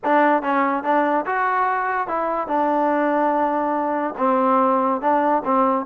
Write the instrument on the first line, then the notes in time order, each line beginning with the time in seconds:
trombone
0.04 D4
0.42 C#4
0.83 D4
1.26 F#4
2.07 E4
2.47 D4
4.17 C4
5.01 D4
5.45 C4